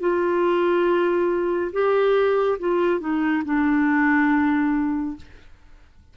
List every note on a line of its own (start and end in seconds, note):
0.00 1.71 F4
1.72 2.58 G4
2.59 3.00 F4
3.00 3.43 D#4
3.45 5.16 D4